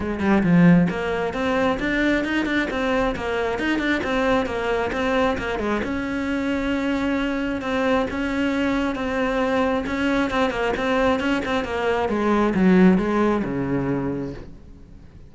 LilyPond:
\new Staff \with { instrumentName = "cello" } { \time 4/4 \tempo 4 = 134 gis8 g8 f4 ais4 c'4 | d'4 dis'8 d'8 c'4 ais4 | dis'8 d'8 c'4 ais4 c'4 | ais8 gis8 cis'2.~ |
cis'4 c'4 cis'2 | c'2 cis'4 c'8 ais8 | c'4 cis'8 c'8 ais4 gis4 | fis4 gis4 cis2 | }